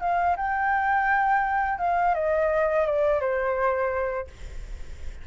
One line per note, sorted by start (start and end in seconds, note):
0.00 0.36 F5
0.36 1.78 G5
1.78 2.14 F5
2.14 2.86 D#5
2.86 3.20 D5
3.20 4.27 C5